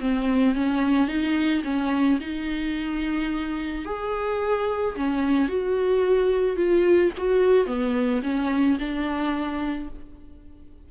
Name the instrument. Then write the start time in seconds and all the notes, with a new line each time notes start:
viola
0.00 C4
0.55 C#4
1.08 D#4
1.64 C#4
2.21 D#4
3.86 G#4
4.96 C#4
5.48 F#4
6.57 F4
7.18 F#4
7.67 B3
8.23 C#4
8.79 D4